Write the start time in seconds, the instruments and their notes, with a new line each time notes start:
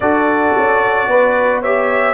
0.00 tuba D4, trombone F#4, horn A4, trumpet D5
0.57 tuba C#4
1.07 tuba B3, horn B4
1.62 trombone G4, horn C#5, trumpet E5